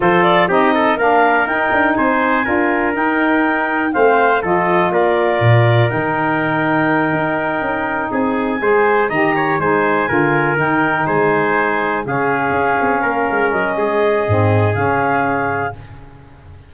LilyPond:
<<
  \new Staff \with { instrumentName = "clarinet" } { \time 4/4 \tempo 4 = 122 c''8 d''8 dis''4 f''4 g''4 | gis''2 g''2 | f''4 dis''4 d''2 | g''1~ |
g''8 gis''2 ais''4 gis''8~ | gis''4. g''4 gis''4.~ | gis''8 f''2. dis''8~ | dis''2 f''2 | }
  \new Staff \with { instrumentName = "trumpet" } { \time 4/4 a'4 g'8 a'8 ais'2 | c''4 ais'2. | c''4 a'4 ais'2~ | ais'1~ |
ais'8 gis'4 c''4 dis''8 cis''8 c''8~ | c''8 ais'2 c''4.~ | c''8 gis'2 ais'4. | gis'1 | }
  \new Staff \with { instrumentName = "saxophone" } { \time 4/4 f'4 dis'4 d'4 dis'4~ | dis'4 f'4 dis'2 | c'4 f'2. | dis'1~ |
dis'4. gis'4 g'4 dis'8~ | dis'8 f'4 dis'2~ dis'8~ | dis'8 cis'2.~ cis'8~ | cis'4 c'4 cis'2 | }
  \new Staff \with { instrumentName = "tuba" } { \time 4/4 f4 c'4 ais4 dis'8 d'8 | c'4 d'4 dis'2 | a4 f4 ais4 ais,4 | dis2~ dis8 dis'4 cis'8~ |
cis'8 c'4 gis4 dis4 gis8~ | gis8 d4 dis4 gis4.~ | gis8 cis4 cis'8 c'8 ais8 gis8 fis8 | gis4 gis,4 cis2 | }
>>